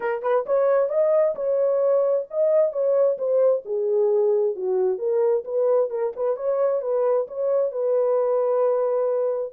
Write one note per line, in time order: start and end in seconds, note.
0.00 0.22 A#4
0.22 0.45 B4
0.46 0.89 C#5
0.89 1.34 D#5
1.35 2.26 C#5
2.30 2.72 D#5
2.72 3.17 C#5
3.18 3.63 C5
3.65 4.55 G#4
4.55 4.98 F#4
4.98 5.44 A#4
5.44 5.89 B4
5.89 6.12 A#4
6.16 6.36 B4
6.36 6.81 C#5
6.81 7.27 B4
7.27 7.71 C#5
7.71 9.53 B4